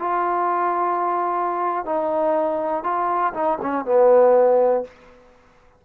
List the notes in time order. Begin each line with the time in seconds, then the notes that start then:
0.00 F4
1.85 D#4
2.84 F4
3.34 D#4
3.62 C#4
3.86 B3